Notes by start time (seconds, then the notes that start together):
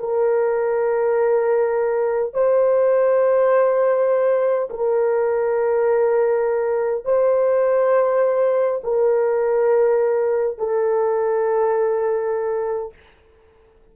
0.00 A#4
2.34 C5
4.70 A#4
7.05 C5
8.84 A#4
10.58 A4